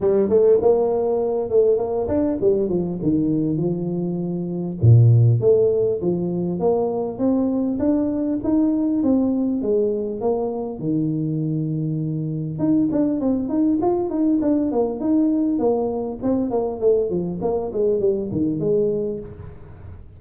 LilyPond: \new Staff \with { instrumentName = "tuba" } { \time 4/4 \tempo 4 = 100 g8 a8 ais4. a8 ais8 d'8 | g8 f8 dis4 f2 | ais,4 a4 f4 ais4 | c'4 d'4 dis'4 c'4 |
gis4 ais4 dis2~ | dis4 dis'8 d'8 c'8 dis'8 f'8 dis'8 | d'8 ais8 dis'4 ais4 c'8 ais8 | a8 f8 ais8 gis8 g8 dis8 gis4 | }